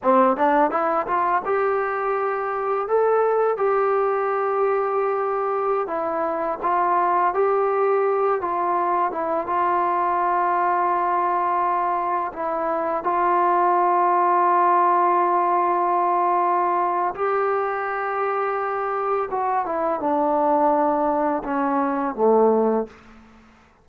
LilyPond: \new Staff \with { instrumentName = "trombone" } { \time 4/4 \tempo 4 = 84 c'8 d'8 e'8 f'8 g'2 | a'4 g'2.~ | g'16 e'4 f'4 g'4. f'16~ | f'8. e'8 f'2~ f'8.~ |
f'4~ f'16 e'4 f'4.~ f'16~ | f'1 | g'2. fis'8 e'8 | d'2 cis'4 a4 | }